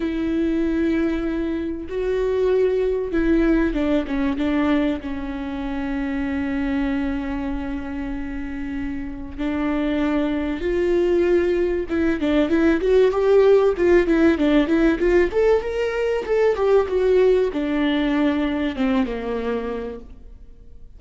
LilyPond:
\new Staff \with { instrumentName = "viola" } { \time 4/4 \tempo 4 = 96 e'2. fis'4~ | fis'4 e'4 d'8 cis'8 d'4 | cis'1~ | cis'2. d'4~ |
d'4 f'2 e'8 d'8 | e'8 fis'8 g'4 f'8 e'8 d'8 e'8 | f'8 a'8 ais'4 a'8 g'8 fis'4 | d'2 c'8 ais4. | }